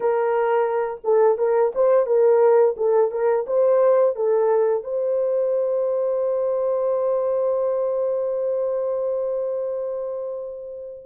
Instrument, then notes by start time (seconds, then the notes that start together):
horn
0.00 A#4
1.04 A4
1.38 A#4
1.74 C5
2.06 A#4
2.76 A4
3.11 A#4
3.46 C5
4.15 A4
4.83 C5